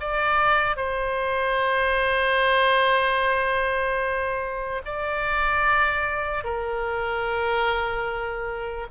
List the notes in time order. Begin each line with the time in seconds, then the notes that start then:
0.00 D5
0.77 C5
4.85 D5
6.44 A#4